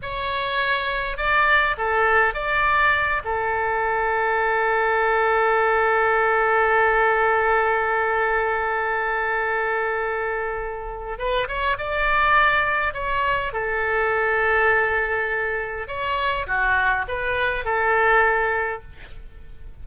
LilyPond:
\new Staff \with { instrumentName = "oboe" } { \time 4/4 \tempo 4 = 102 cis''2 d''4 a'4 | d''4. a'2~ a'8~ | a'1~ | a'1~ |
a'2. b'8 cis''8 | d''2 cis''4 a'4~ | a'2. cis''4 | fis'4 b'4 a'2 | }